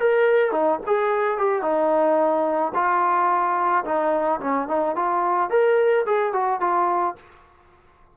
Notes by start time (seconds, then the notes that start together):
0.00 A#4
0.52 D#4
0.87 G#4
1.38 G4
1.63 D#4
2.75 F4
3.85 D#4
4.41 C#4
4.69 D#4
4.96 F4
5.50 A#4
6.07 G#4
6.33 F#4
6.61 F4